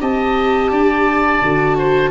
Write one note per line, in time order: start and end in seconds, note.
0.00 0.71 C4
0.00 1.41 G4
0.00 0.71 D#5
0.00 2.10 A5
0.71 1.41 D4
0.71 1.77 D5
1.42 2.10 D3
1.42 2.10 F#4
1.78 2.10 C5